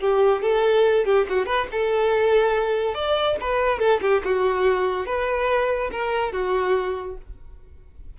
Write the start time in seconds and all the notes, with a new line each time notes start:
0.00 G4
0.42 A4
1.05 G4
1.29 F#4
1.46 B4
1.72 A4
2.94 D5
3.41 B4
3.79 A4
4.01 G4
4.24 F#4
5.06 B4
5.92 A#4
6.32 F#4